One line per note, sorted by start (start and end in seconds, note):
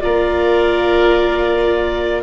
0.00 2.22 A#3
0.00 2.22 F4
0.00 2.22 A#4
0.00 2.22 D5